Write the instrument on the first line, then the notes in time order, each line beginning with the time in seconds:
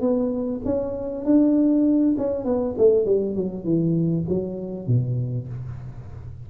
tuba
0.00 B3
0.65 C#4
1.24 D4
2.18 C#4
2.44 B3
2.77 A3
3.05 G3
3.35 F#3
3.64 E3
4.28 F#3
4.87 B2